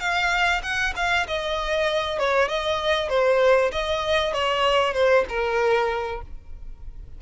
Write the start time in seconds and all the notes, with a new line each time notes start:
0.00 F5
0.63 F#5
0.96 F5
1.28 D#5
2.19 C#5
2.49 D#5
3.10 C5
3.72 D#5
4.34 C#5
4.94 C5
5.29 A#4